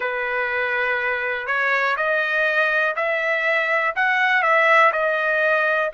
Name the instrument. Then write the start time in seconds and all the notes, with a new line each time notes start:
trumpet
0.00 B4
1.46 C#5
1.96 D#5
2.96 E5
3.95 F#5
4.42 E5
4.92 D#5